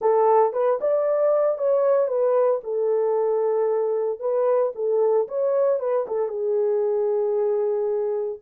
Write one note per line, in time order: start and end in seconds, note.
0.01 0.52 A4
0.52 0.79 B4
0.80 1.58 D5
1.58 2.07 C#5
2.07 2.60 B4
2.63 4.19 A4
4.19 4.72 B4
4.75 5.27 A4
5.28 5.79 C#5
5.79 6.06 B4
6.07 6.28 A4
6.28 8.39 G#4